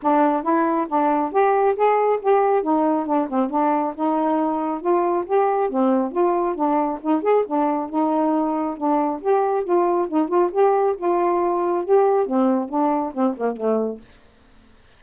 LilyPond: \new Staff \with { instrumentName = "saxophone" } { \time 4/4 \tempo 4 = 137 d'4 e'4 d'4 g'4 | gis'4 g'4 dis'4 d'8 c'8 | d'4 dis'2 f'4 | g'4 c'4 f'4 d'4 |
dis'8 gis'8 d'4 dis'2 | d'4 g'4 f'4 dis'8 f'8 | g'4 f'2 g'4 | c'4 d'4 c'8 ais8 a4 | }